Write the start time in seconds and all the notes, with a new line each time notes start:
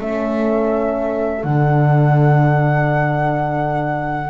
0.00 A3 C#4 A4 E5
1.44 D3 D4 F#5